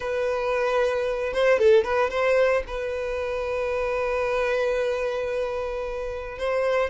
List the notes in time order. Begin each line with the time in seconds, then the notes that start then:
0.00 B4
1.33 C5
1.58 A4
1.84 B4
2.09 C5
2.67 B4
6.38 C5